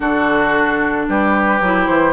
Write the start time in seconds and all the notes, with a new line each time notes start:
0.00 D3 D4 F#4 A4
1.08 G3 G4 B4
1.60 F#3 E4
1.86 E3 C5